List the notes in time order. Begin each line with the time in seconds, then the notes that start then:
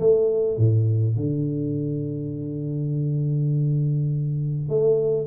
0.00 A3
0.58 A2
1.17 D3
4.69 A3